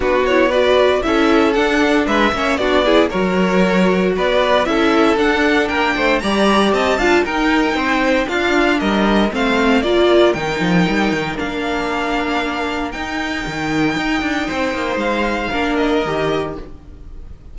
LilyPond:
<<
  \new Staff \with { instrumentName = "violin" } { \time 4/4 \tempo 4 = 116 b'8 cis''8 d''4 e''4 fis''4 | e''4 d''4 cis''2 | d''4 e''4 fis''4 g''4 | ais''4 a''4 g''2 |
f''4 dis''4 f''4 d''4 | g''2 f''2~ | f''4 g''2.~ | g''4 f''4. dis''4. | }
  \new Staff \with { instrumentName = "violin" } { \time 4/4 fis'4 b'4 a'2 | b'8 cis''8 fis'8 gis'8 ais'2 | b'4 a'2 ais'8 c''8 | d''4 dis''8 f''8 ais'4 c''4 |
f'4 ais'4 c''4 ais'4~ | ais'1~ | ais'1 | c''2 ais'2 | }
  \new Staff \with { instrumentName = "viola" } { \time 4/4 d'8 e'8 fis'4 e'4 d'4~ | d'8 cis'8 d'8 e'8 fis'2~ | fis'4 e'4 d'2 | g'4. f'8 dis'2 |
d'2 c'4 f'4 | dis'2 d'2~ | d'4 dis'2.~ | dis'2 d'4 g'4 | }
  \new Staff \with { instrumentName = "cello" } { \time 4/4 b2 cis'4 d'4 | gis8 ais8 b4 fis2 | b4 cis'4 d'4 ais8 a8 | g4 c'8 d'8 dis'4 c'4 |
d'4 g4 a4 ais4 | dis8 f8 g8 dis8 ais2~ | ais4 dis'4 dis4 dis'8 d'8 | c'8 ais8 gis4 ais4 dis4 | }
>>